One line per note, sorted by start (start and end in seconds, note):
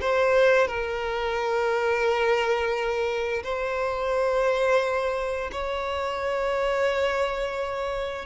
0.00 0.67 C5
0.67 3.43 A#4
3.43 5.50 C5
5.51 8.25 C#5